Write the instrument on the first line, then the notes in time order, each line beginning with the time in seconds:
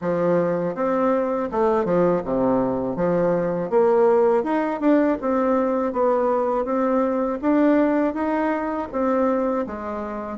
bassoon
0.01 F3
0.74 C4
1.51 A3
1.85 F3
2.24 C3
2.96 F3
3.69 A#3
4.43 D#4
4.80 D4
5.21 C4
5.93 B3
6.64 C4
7.41 D4
8.13 D#4
8.92 C4
9.66 G#3